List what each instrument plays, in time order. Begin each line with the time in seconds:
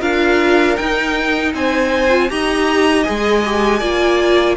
0.00 cello D4, viola F4, violin A#4 F5
0.77 cello D#4, viola D#4, violin G5
1.54 cello C4, violin C5 G#5
2.10 viola F4
2.29 cello D#4, viola G4, violin D#5 A#5
3.03 cello G#3, viola G#4, violin G#5
3.45 viola G4
3.80 cello A#3, viola F4, violin D5